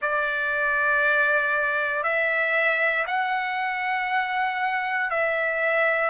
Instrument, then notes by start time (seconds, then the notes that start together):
trumpet
0.01 D5
2.03 E5
3.06 F#5
5.10 E5